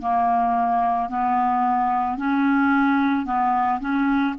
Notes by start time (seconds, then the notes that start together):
0.00 A#3
1.09 B3
2.17 C#4
3.25 B3
3.80 C#4